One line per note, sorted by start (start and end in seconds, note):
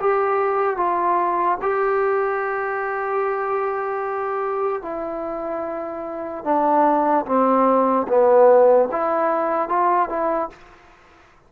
0.00 0.77 G4
0.77 1.58 F4
1.61 4.82 G4
4.82 6.44 E4
6.44 7.25 D4
7.25 8.06 C4
8.07 8.89 B3
8.92 9.69 E4
9.69 10.09 F4
10.09 10.49 E4